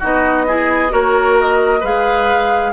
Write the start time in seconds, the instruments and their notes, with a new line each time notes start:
0.00 bassoon B3, clarinet D#4, oboe F#4, flute D#5
0.48 clarinet E4, oboe G#4
0.90 bassoon A#3, clarinet F#4, oboe A#4, flute C#5
1.40 flute D#5
1.81 bassoon G#3, clarinet G#4, oboe B4, flute F5